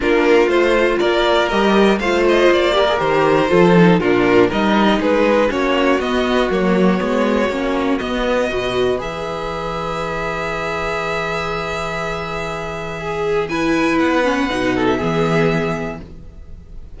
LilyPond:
<<
  \new Staff \with { instrumentName = "violin" } { \time 4/4 \tempo 4 = 120 ais'4 c''4 d''4 dis''4 | f''8 dis''8 d''4 c''2 | ais'4 dis''4 b'4 cis''4 | dis''4 cis''2. |
dis''2 e''2~ | e''1~ | e''2. gis''4 | fis''4.~ fis''16 e''2~ e''16 | }
  \new Staff \with { instrumentName = "violin" } { \time 4/4 f'2 ais'2 | c''4. ais'4. a'4 | f'4 ais'4 gis'4 fis'4~ | fis'1~ |
fis'4 b'2.~ | b'1~ | b'2 gis'4 b'4~ | b'4. a'8 gis'2 | }
  \new Staff \with { instrumentName = "viola" } { \time 4/4 d'4 f'2 g'4 | f'4. g'16 gis'16 g'4 f'8 dis'8 | d'4 dis'2 cis'4 | b4 ais4 b4 cis'4 |
b4 fis'4 gis'2~ | gis'1~ | gis'2. e'4~ | e'8 cis'8 dis'4 b2 | }
  \new Staff \with { instrumentName = "cello" } { \time 4/4 ais4 a4 ais4 g4 | a4 ais4 dis4 f4 | ais,4 g4 gis4 ais4 | b4 fis4 gis4 ais4 |
b4 b,4 e2~ | e1~ | e1 | b4 b,4 e2 | }
>>